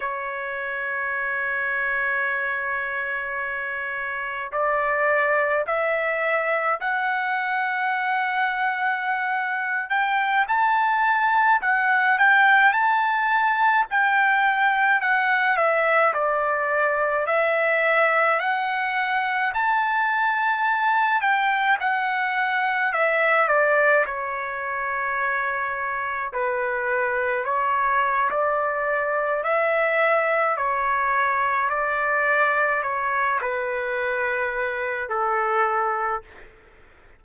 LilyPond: \new Staff \with { instrumentName = "trumpet" } { \time 4/4 \tempo 4 = 53 cis''1 | d''4 e''4 fis''2~ | fis''8. g''8 a''4 fis''8 g''8 a''8.~ | a''16 g''4 fis''8 e''8 d''4 e''8.~ |
e''16 fis''4 a''4. g''8 fis''8.~ | fis''16 e''8 d''8 cis''2 b'8.~ | b'16 cis''8. d''4 e''4 cis''4 | d''4 cis''8 b'4. a'4 | }